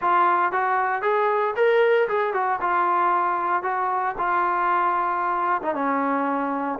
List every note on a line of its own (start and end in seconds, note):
0.01 0.52 F4
0.52 1.02 F#4
1.02 1.54 G#4
1.56 2.08 A#4
2.08 2.33 G#4
2.33 2.59 F#4
2.60 3.63 F4
3.63 4.15 F#4
4.18 5.61 F4
5.62 5.74 D#4
5.74 6.78 C#4